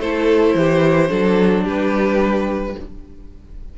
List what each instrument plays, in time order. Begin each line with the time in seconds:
0.00 cello A3, viola E4, violin A4 C5
0.55 cello E3, violin G4
1.08 cello F#3, viola D4, violin A4
1.64 cello G3, violin G4 B4